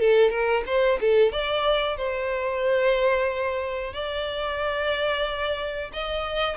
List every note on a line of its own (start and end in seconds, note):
0.00 0.30 A4
0.30 0.63 A#4
0.66 0.99 C5
1.01 1.32 A4
1.32 1.97 D5
1.97 3.93 C5
3.93 5.91 D5
5.93 6.57 D#5